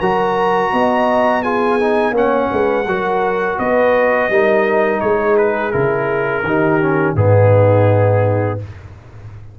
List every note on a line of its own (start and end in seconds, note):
0.00 0.73 F#3
0.00 1.44 F#4
0.00 0.71 A#4
0.00 1.43 A#5
0.73 2.12 B3
0.73 1.43 D#5
1.43 1.80 F4
1.43 2.13 G#4
1.43 2.15 G#5
1.80 2.14 D#4
2.12 2.48 A#3
2.12 2.85 C#4
2.12 2.49 C#5
2.12 3.59 F#5
2.51 2.86 G#3
2.51 2.87 B4
2.86 3.58 F#3
2.86 4.32 F#4
2.86 3.59 A#4
3.59 4.30 B3
3.59 4.30 B4
3.59 5.01 D#5
4.30 5.01 G3
4.30 5.72 D#4
4.30 5.02 A#4
5.01 5.74 G#3
5.01 6.46 G#4
5.01 5.37 C#5
5.38 5.72 B4
5.72 6.44 C#3
5.72 6.44 E4
5.72 7.14 A#4
6.44 7.15 D#3
6.44 6.82 D#4
6.44 7.17 G4
6.82 7.17 C#4
7.16 8.59 G#2
7.16 8.60 B3
7.16 8.60 D#4
7.16 8.60 G#4